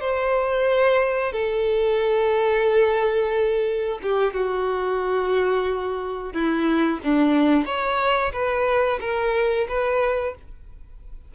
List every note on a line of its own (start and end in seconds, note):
0.00 1.32 C5
1.32 3.99 A4
4.02 4.33 G4
4.33 6.33 F#4
6.33 6.99 E4
7.03 7.65 D4
7.65 8.32 C#5
8.32 8.99 B4
9.00 9.67 A#4
9.68 10.35 B4